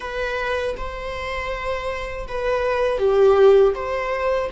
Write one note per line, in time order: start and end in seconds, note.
0.00 0.75 B4
0.77 2.27 C5
2.27 2.98 B4
2.98 3.73 G4
3.75 4.50 C5